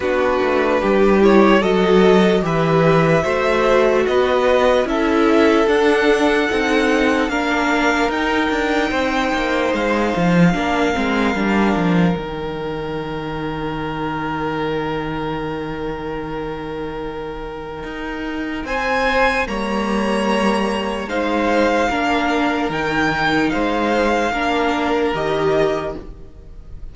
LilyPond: <<
  \new Staff \with { instrumentName = "violin" } { \time 4/4 \tempo 4 = 74 b'4. cis''8 dis''4 e''4~ | e''4 dis''4 e''4 fis''4~ | fis''4 f''4 g''2 | f''2. g''4~ |
g''1~ | g''2. gis''4 | ais''2 f''2 | g''4 f''2 dis''4 | }
  \new Staff \with { instrumentName = "violin" } { \time 4/4 fis'4 g'4 a'4 b'4 | c''4 b'4 a'2~ | a'4 ais'2 c''4~ | c''4 ais'2.~ |
ais'1~ | ais'2. c''4 | cis''2 c''4 ais'4~ | ais'4 c''4 ais'2 | }
  \new Staff \with { instrumentName = "viola" } { \time 4/4 d'4. e'8 fis'4 g'4 | fis'2 e'4 d'4 | dis'4 d'4 dis'2~ | dis'4 d'8 c'8 d'4 dis'4~ |
dis'1~ | dis'1 | ais2 dis'4 d'4 | dis'2 d'4 g'4 | }
  \new Staff \with { instrumentName = "cello" } { \time 4/4 b8 a8 g4 fis4 e4 | a4 b4 cis'4 d'4 | c'4 ais4 dis'8 d'8 c'8 ais8 | gis8 f8 ais8 gis8 g8 f8 dis4~ |
dis1~ | dis2 dis'4 c'4 | g2 gis4 ais4 | dis4 gis4 ais4 dis4 | }
>>